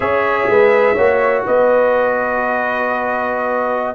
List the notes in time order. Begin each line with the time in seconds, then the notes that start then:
0.00 C#4 G#4 C#5 E5
0.48 G#3 B4
0.94 A#3 F#4 C#5
1.45 B3 B4 D#5